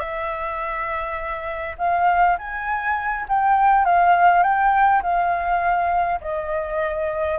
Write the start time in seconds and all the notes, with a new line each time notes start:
0.00 E5
1.79 F5
2.39 G#5
3.29 G5
3.85 F5
4.43 G5
5.03 F5
6.21 D#5